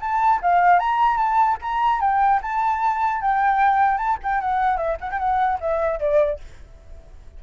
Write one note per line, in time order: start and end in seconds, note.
0.00 0.40 A5
0.42 0.79 F5
0.79 1.17 A#5
1.17 1.57 A5
1.61 2.01 A#5
2.01 2.41 G5
2.42 3.21 A5
3.21 3.97 G5
3.97 4.17 A5
4.23 4.41 G5
4.41 4.77 F#5
4.77 4.97 E5
5.00 5.10 F#5
5.11 5.19 G5
5.19 5.59 F#5
5.60 5.99 E5
5.99 6.39 D5